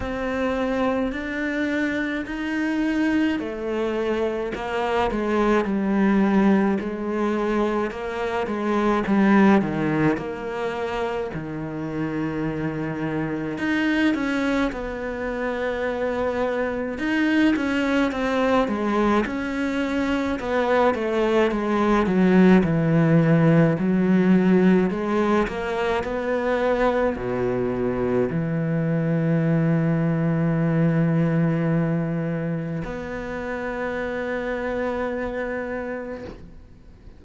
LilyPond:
\new Staff \with { instrumentName = "cello" } { \time 4/4 \tempo 4 = 53 c'4 d'4 dis'4 a4 | ais8 gis8 g4 gis4 ais8 gis8 | g8 dis8 ais4 dis2 | dis'8 cis'8 b2 dis'8 cis'8 |
c'8 gis8 cis'4 b8 a8 gis8 fis8 | e4 fis4 gis8 ais8 b4 | b,4 e2.~ | e4 b2. | }